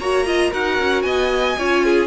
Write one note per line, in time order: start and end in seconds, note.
0.00 0.53 A#3
0.00 0.26 F#4
0.00 0.26 C#5
0.00 0.53 A#5
0.26 0.52 F4
0.26 0.51 D#5
0.51 0.79 D#4
0.51 1.57 F#4
0.51 1.04 A#4
0.51 1.03 F#5
0.79 1.04 C#4
1.03 1.57 B3
1.03 1.59 D#5
1.03 2.07 G#5
1.59 2.07 C#4
1.59 2.07 F4
1.59 1.85 C#5
1.85 2.07 G#4